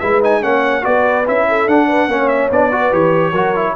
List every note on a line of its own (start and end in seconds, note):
0.00 0.43 G#3
0.00 0.22 E4
0.00 0.42 B4
0.00 0.21 E5
0.22 0.42 D#4
0.22 0.43 G#5
0.42 0.85 A#3
0.42 0.82 C#4
0.42 0.84 C#5
0.42 0.85 F#5
0.82 1.28 B3
0.82 1.24 F#4
0.82 1.48 B4
0.82 1.27 D5
1.27 1.68 C#4
1.27 1.69 E4
1.27 1.69 E5
1.49 1.88 A4
1.68 2.08 D4
1.68 2.10 D4
1.68 2.29 F#5
1.88 2.09 B4
2.08 2.50 A#3
2.08 2.51 C#4
2.08 2.72 C#5
2.29 2.50 E5
2.52 2.93 B3
2.52 2.72 D4
2.52 2.94 D5
2.72 2.92 F#4
2.72 3.32 B4
2.92 3.33 E3
2.92 3.34 G4
2.92 3.76 C#5
3.32 3.75 F#3
3.32 3.56 F#4
3.32 3.74 A#4
3.56 3.76 E4